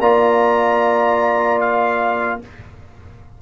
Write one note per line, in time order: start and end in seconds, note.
0.00 2.40 A#3
0.00 2.42 F4
0.00 2.41 D5
0.00 1.61 A#5
1.61 2.41 F5